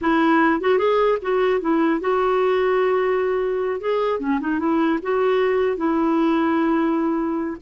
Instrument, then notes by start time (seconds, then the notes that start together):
clarinet
0.01 E4
0.61 F#4
0.78 G#4
1.21 F#4
1.61 E4
2.00 F#4
3.80 G#4
4.19 C#4
4.40 D#4
4.59 E4
5.02 F#4
5.76 E4